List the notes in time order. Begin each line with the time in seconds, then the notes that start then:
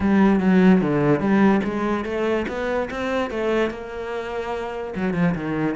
0.00 G3
0.40 F#3
0.81 D3
1.19 G3
1.63 G#3
2.04 A3
2.48 B3
2.90 C4
3.30 A3
3.70 A#3
4.95 F#3
5.13 F3
5.35 D#3